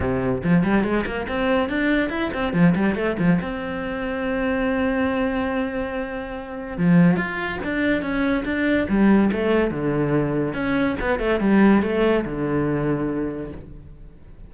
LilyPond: \new Staff \with { instrumentName = "cello" } { \time 4/4 \tempo 4 = 142 c4 f8 g8 gis8 ais8 c'4 | d'4 e'8 c'8 f8 g8 a8 f8 | c'1~ | c'1 |
f4 f'4 d'4 cis'4 | d'4 g4 a4 d4~ | d4 cis'4 b8 a8 g4 | a4 d2. | }